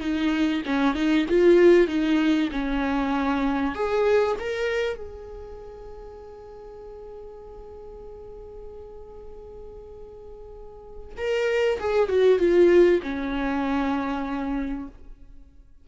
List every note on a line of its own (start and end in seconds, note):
0.00 0.62 D#4
0.66 0.95 C#4
0.95 1.26 D#4
1.28 1.88 F4
1.88 2.49 D#4
2.52 3.75 C#4
3.75 4.36 G#4
4.39 4.96 A#4
4.96 11.14 G#4
11.17 11.79 A#4
11.79 12.09 G#4
12.09 12.39 F#4
12.39 13.01 F4
13.02 14.88 C#4